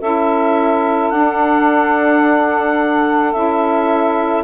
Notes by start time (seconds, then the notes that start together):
0.00 C#4 E4 A4 E5
1.10 D4 F#5
3.32 C#4 E4 E5